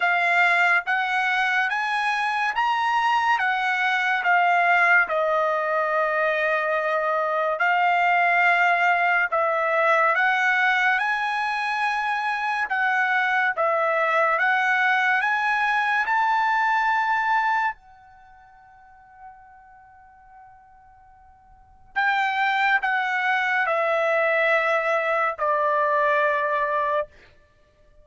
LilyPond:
\new Staff \with { instrumentName = "trumpet" } { \time 4/4 \tempo 4 = 71 f''4 fis''4 gis''4 ais''4 | fis''4 f''4 dis''2~ | dis''4 f''2 e''4 | fis''4 gis''2 fis''4 |
e''4 fis''4 gis''4 a''4~ | a''4 fis''2.~ | fis''2 g''4 fis''4 | e''2 d''2 | }